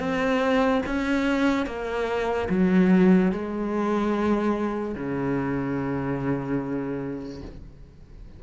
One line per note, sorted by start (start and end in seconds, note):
0.00 0.82 C4
0.87 1.67 C#4
1.67 2.49 A#3
2.50 3.32 F#3
3.33 4.95 G#3
4.95 7.42 C#3